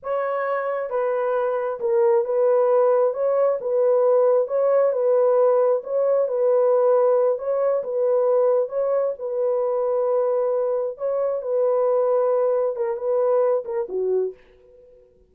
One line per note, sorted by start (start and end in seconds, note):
0.02 0.90 C#5
0.90 1.79 B4
1.80 2.24 A#4
2.24 3.13 B4
3.13 3.58 C#5
3.60 4.47 B4
4.47 4.92 C#5
4.92 5.81 B4
5.83 6.28 C#5
6.28 7.38 B4
7.38 7.83 C#5
7.83 8.68 B4
8.68 9.13 C#5
9.18 10.97 B4
10.97 11.41 C#5
11.41 12.76 B4
12.76 12.96 A#4
12.96 13.63 B4
13.64 13.87 A#4
13.88 14.33 F#4